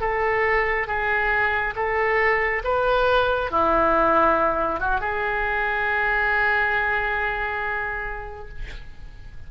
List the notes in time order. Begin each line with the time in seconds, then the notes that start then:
0.00 A4
0.87 G#4
1.75 A4
2.64 B4
3.51 E4
4.79 F#4
5.00 G#4